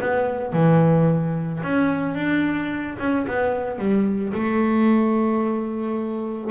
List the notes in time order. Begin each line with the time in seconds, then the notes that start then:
0.00 B3
0.53 E3
1.63 C#4
2.15 D4
2.98 C#4
3.27 B3
3.78 G3
4.33 A3